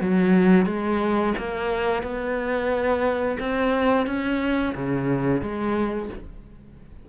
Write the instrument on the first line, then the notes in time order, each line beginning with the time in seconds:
cello
0.00 F#3
0.66 G#3
1.38 A#3
2.02 B3
3.40 C4
4.06 C#4
4.75 C#3
5.41 G#3